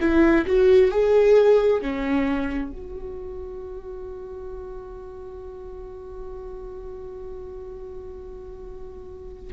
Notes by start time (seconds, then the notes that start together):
0.00 E4
0.46 F#4
0.91 G#4
1.81 C#4
2.71 F#4